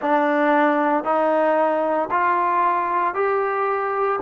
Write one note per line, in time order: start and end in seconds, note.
0.01 1.04 D4
1.04 2.09 D#4
2.11 3.14 F4
3.14 4.19 G4